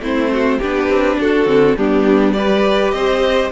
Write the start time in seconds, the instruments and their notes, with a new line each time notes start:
0.00 cello A3, viola C4, violin E4 C5
0.32 violin F#4
0.58 cello B3, viola D4, violin G4 B4
0.89 cello C4
1.20 cello D4, violin F#4 A4
1.46 cello D3, viola C4
1.77 cello G3, viola B3, violin D4 G4
2.33 viola G4, violin B4 D5
2.90 cello C4, violin C5 D#5